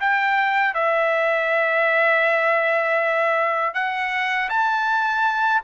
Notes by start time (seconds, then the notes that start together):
0.00 G5
0.74 E5
3.74 F#5
4.49 A5